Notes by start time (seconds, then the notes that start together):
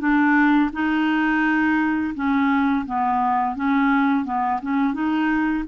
0.00 D4
0.73 D#4
2.15 C#4
2.86 B3
3.56 C#4
4.25 B3
4.62 C#4
4.94 D#4